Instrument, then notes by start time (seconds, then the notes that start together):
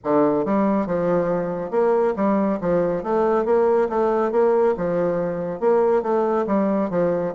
bassoon
0.03 D3
0.45 G3
0.86 F3
1.70 A#3
2.16 G3
2.61 F3
3.03 A3
3.45 A#3
3.89 A3
4.31 A#3
4.77 F3
5.60 A#3
6.02 A3
6.46 G3
6.89 F3